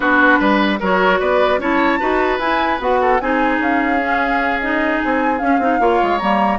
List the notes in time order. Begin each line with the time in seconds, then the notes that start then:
0.00 B3 D4 F#4 B4
0.39 G3 B4
0.79 F#3 F#4 A#4 C#5
1.19 B3 B4 D5
1.58 C#4 E4 C#5 A5
1.99 D#4 F#4 B4
2.38 E4 G#5
2.79 B3 F#4 F#5
3.01 A4
3.20 C4 D#4 G#4 G#5
3.59 C#4 F5
4.00 C#4
4.61 D#4 D#5
5.02 C4 G#5
5.38 C#4 F5
5.59 C4 D#4
5.79 A#3 F4 C#5
6.02 G#3
6.18 G3 A#3 A#5